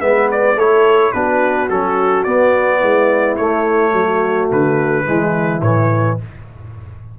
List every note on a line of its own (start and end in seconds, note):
0.00 0.55 G#3
0.00 0.56 B3
0.00 0.58 B4
0.00 0.28 E5
0.31 0.59 D5
0.55 1.12 A3
0.55 1.13 E4
0.55 1.14 A4
0.55 1.12 C#5
1.12 1.70 B3
1.12 1.70 D4
1.12 2.79 F#4
1.12 1.68 B4
1.70 2.26 F#3
1.70 2.26 C#4
1.70 2.23 A4
2.23 2.82 B3
2.23 3.38 B3
2.23 3.36 D5
2.79 3.38 G#3
2.79 3.91 E4
3.36 3.93 A3
3.36 5.05 A3
3.36 4.48 C#5
3.93 4.49 F#3
3.93 5.05 F#4
4.51 5.07 D3
4.51 5.61 B4
5.05 5.61 E3
5.05 5.61 G#3
5.05 6.18 E4
5.61 6.17 A2
5.61 6.19 E3
5.61 6.18 C#5